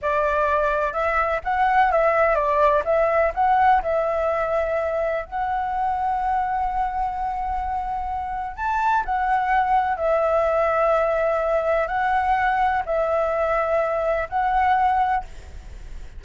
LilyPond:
\new Staff \with { instrumentName = "flute" } { \time 4/4 \tempo 4 = 126 d''2 e''4 fis''4 | e''4 d''4 e''4 fis''4 | e''2. fis''4~ | fis''1~ |
fis''2 a''4 fis''4~ | fis''4 e''2.~ | e''4 fis''2 e''4~ | e''2 fis''2 | }